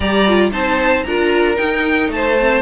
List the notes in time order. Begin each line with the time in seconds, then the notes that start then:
0.00 G3 G4 D5 A#5
0.27 F4
0.50 C4 D#4 C5 A5
1.03 D4 F4 A#4 A#5
1.56 D#4 G5
2.08 A3 A5
2.15 C5
2.39 C4